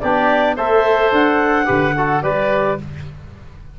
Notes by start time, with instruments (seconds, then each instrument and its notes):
0.00 tuba B3, trombone D4, oboe G4, clarinet D5
0.56 tuba A3, trombone A4, oboe C5, clarinet E5
1.12 tuba D4, clarinet F#5
1.64 tuba D3, trombone G4, oboe B4
1.97 trombone F#4, oboe A4
2.22 tuba G3, trombone G4, oboe B4, clarinet D5